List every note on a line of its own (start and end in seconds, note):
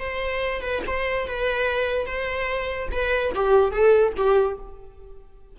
0.00 0.62 C5
0.62 0.83 B4
0.87 1.28 C5
1.28 2.07 B4
2.07 2.89 C5
2.92 3.34 B4
3.35 3.72 G4
3.72 4.14 A4
4.17 4.59 G4